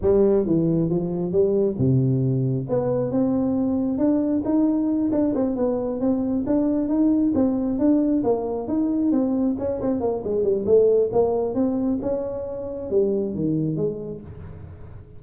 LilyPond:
\new Staff \with { instrumentName = "tuba" } { \time 4/4 \tempo 4 = 135 g4 e4 f4 g4 | c2 b4 c'4~ | c'4 d'4 dis'4. d'8 | c'8 b4 c'4 d'4 dis'8~ |
dis'8 c'4 d'4 ais4 dis'8~ | dis'8 c'4 cis'8 c'8 ais8 gis8 g8 | a4 ais4 c'4 cis'4~ | cis'4 g4 dis4 gis4 | }